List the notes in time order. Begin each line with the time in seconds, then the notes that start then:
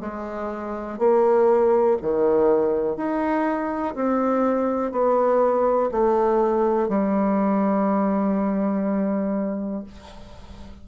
0.00 G#3
0.98 A#3
2.01 D#3
2.96 D#4
3.95 C4
4.91 B3
5.91 A3
6.88 G3